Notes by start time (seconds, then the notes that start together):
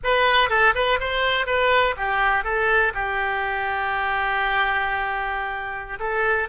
0.03 B4
0.49 A4
0.75 B4
1.00 C5
1.46 B4
1.96 G4
2.44 A4
2.94 G4
5.99 A4